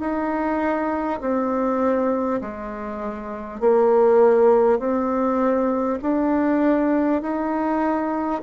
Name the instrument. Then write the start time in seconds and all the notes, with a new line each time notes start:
bassoon
0.00 D#4
1.21 C4
2.42 G#3
3.61 A#3
4.79 C4
6.02 D4
7.22 D#4